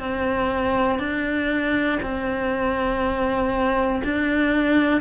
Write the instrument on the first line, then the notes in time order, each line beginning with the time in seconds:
cello
0.00 C4
1.00 D4
2.03 C4
4.05 D4